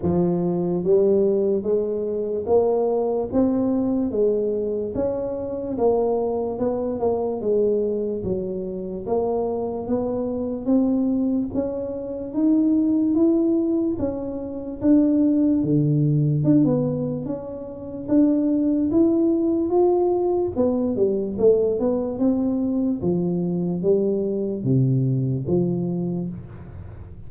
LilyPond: \new Staff \with { instrumentName = "tuba" } { \time 4/4 \tempo 4 = 73 f4 g4 gis4 ais4 | c'4 gis4 cis'4 ais4 | b8 ais8 gis4 fis4 ais4 | b4 c'4 cis'4 dis'4 |
e'4 cis'4 d'4 d4 | d'16 b8. cis'4 d'4 e'4 | f'4 b8 g8 a8 b8 c'4 | f4 g4 c4 f4 | }